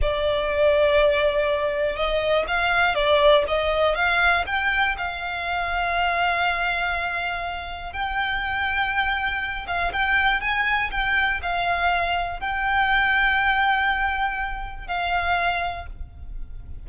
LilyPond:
\new Staff \with { instrumentName = "violin" } { \time 4/4 \tempo 4 = 121 d''1 | dis''4 f''4 d''4 dis''4 | f''4 g''4 f''2~ | f''1 |
g''2.~ g''8 f''8 | g''4 gis''4 g''4 f''4~ | f''4 g''2.~ | g''2 f''2 | }